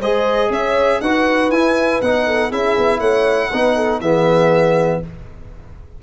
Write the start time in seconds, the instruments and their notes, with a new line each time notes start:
0.00 tuba G#3, trombone G#4, horn C5, violin D#5
0.49 tuba C#4, horn C#5, violin E5
1.01 tuba D#4, trombone F#4, horn B4, violin F#5
1.50 tuba E4, trombone E4, violin G#5
2.01 tuba B3, trombone D#4, violin F#5
2.26 horn A4
2.49 tuba C#4, trombone E4, horn G#4, violin E5
2.77 tuba B3
2.99 tuba A3, horn C#5, violin F#5
3.53 tuba B3, trombone D#4, horn B4
3.75 horn A4
4.01 tuba E3, trombone B3, horn G#4, violin E5